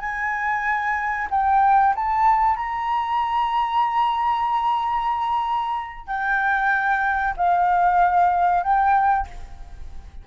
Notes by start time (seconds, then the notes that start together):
0.00 G#5
1.31 G5
1.95 A5
2.56 A#5
6.07 G5
7.37 F5
8.63 G5